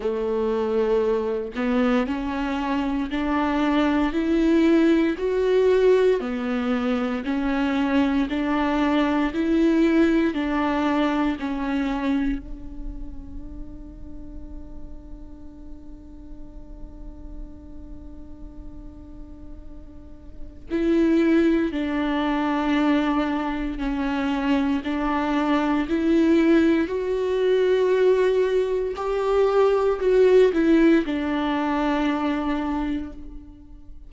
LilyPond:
\new Staff \with { instrumentName = "viola" } { \time 4/4 \tempo 4 = 58 a4. b8 cis'4 d'4 | e'4 fis'4 b4 cis'4 | d'4 e'4 d'4 cis'4 | d'1~ |
d'1 | e'4 d'2 cis'4 | d'4 e'4 fis'2 | g'4 fis'8 e'8 d'2 | }